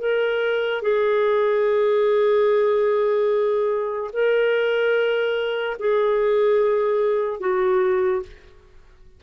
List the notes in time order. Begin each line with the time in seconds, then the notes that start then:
0.00 A#4
0.82 G#4
4.13 A#4
5.79 G#4
7.40 F#4